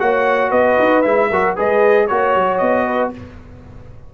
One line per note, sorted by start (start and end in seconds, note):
0.00 0.52 A#3
0.00 1.04 F#4
0.00 0.50 C#5
0.00 0.52 F#5
0.50 0.78 B3
0.50 1.29 B4
0.50 1.02 D#5
0.80 1.05 D#4
1.02 1.31 G#3
1.02 1.31 E4
1.02 1.55 E5
1.30 1.57 F#3
1.30 1.57 F#4
1.30 1.56 A#4
1.56 2.11 G#3
1.56 2.09 G#4
1.56 2.08 B4
1.56 2.08 D#5
2.08 2.36 A#3
2.08 3.14 F#4
2.08 2.58 C#5
2.08 2.86 C#5
2.36 2.62 F#3
2.58 3.14 B3
2.58 3.10 D#5
2.86 3.12 B4